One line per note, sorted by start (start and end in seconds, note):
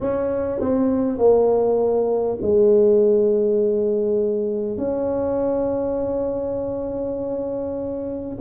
0.00 0.59 C#4
0.59 1.17 C4
1.17 2.37 A#3
2.41 4.77 G#3
4.77 8.37 C#4